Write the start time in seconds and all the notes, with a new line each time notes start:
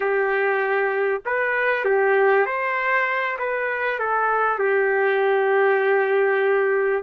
0.00 G4
1.26 B4
1.84 G4
2.46 C5
3.38 B4
3.99 A4
4.58 G4